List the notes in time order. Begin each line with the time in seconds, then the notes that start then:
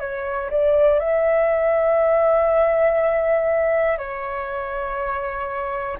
0.00 C#5
0.50 D5
1.00 E5
3.98 C#5